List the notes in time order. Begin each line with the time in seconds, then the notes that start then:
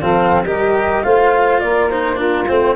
0.00 F3 C4 A4 F5
0.43 G3 G4 A#4 D#5
1.03 A3 F4 C5 F5
1.59 A#3 A#4 D5
1.89 D#4 C5
2.15 D4 F4 A#4
2.48 A3 C4 C5